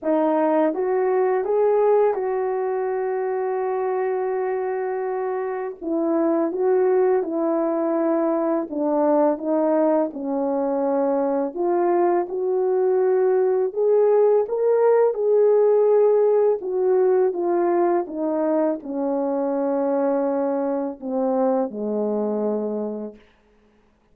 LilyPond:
\new Staff \with { instrumentName = "horn" } { \time 4/4 \tempo 4 = 83 dis'4 fis'4 gis'4 fis'4~ | fis'1 | e'4 fis'4 e'2 | d'4 dis'4 cis'2 |
f'4 fis'2 gis'4 | ais'4 gis'2 fis'4 | f'4 dis'4 cis'2~ | cis'4 c'4 gis2 | }